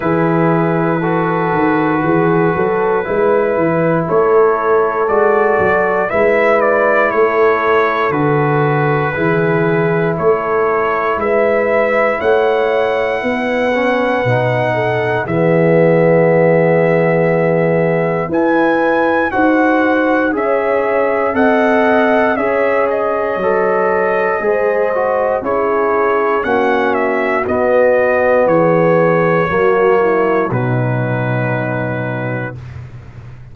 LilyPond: <<
  \new Staff \with { instrumentName = "trumpet" } { \time 4/4 \tempo 4 = 59 b'1 | cis''4 d''4 e''8 d''8 cis''4 | b'2 cis''4 e''4 | fis''2. e''4~ |
e''2 gis''4 fis''4 | e''4 fis''4 e''8 dis''4.~ | dis''4 cis''4 fis''8 e''8 dis''4 | cis''2 b'2 | }
  \new Staff \with { instrumentName = "horn" } { \time 4/4 gis'4 a'4 gis'8 a'8 b'4 | a'2 b'4 a'4~ | a'4 gis'4 a'4 b'4 | cis''4 b'4. a'8 gis'4~ |
gis'2 b'4 c''4 | cis''4 dis''4 cis''2 | c''4 gis'4 fis'2 | gis'4 fis'8 e'8 dis'2 | }
  \new Staff \with { instrumentName = "trombone" } { \time 4/4 e'4 fis'2 e'4~ | e'4 fis'4 e'2 | fis'4 e'2.~ | e'4. cis'8 dis'4 b4~ |
b2 e'4 fis'4 | gis'4 a'4 gis'4 a'4 | gis'8 fis'8 e'4 cis'4 b4~ | b4 ais4 fis2 | }
  \new Staff \with { instrumentName = "tuba" } { \time 4/4 e4. dis8 e8 fis8 gis8 e8 | a4 gis8 fis8 gis4 a4 | d4 e4 a4 gis4 | a4 b4 b,4 e4~ |
e2 e'4 dis'4 | cis'4 c'4 cis'4 fis4 | gis4 cis'4 ais4 b4 | e4 fis4 b,2 | }
>>